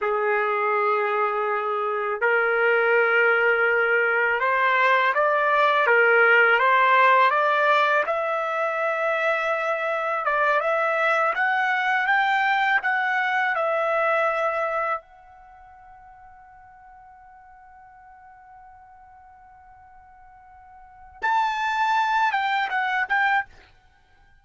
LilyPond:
\new Staff \with { instrumentName = "trumpet" } { \time 4/4 \tempo 4 = 82 gis'2. ais'4~ | ais'2 c''4 d''4 | ais'4 c''4 d''4 e''4~ | e''2 d''8 e''4 fis''8~ |
fis''8 g''4 fis''4 e''4.~ | e''8 fis''2.~ fis''8~ | fis''1~ | fis''4 a''4. g''8 fis''8 g''8 | }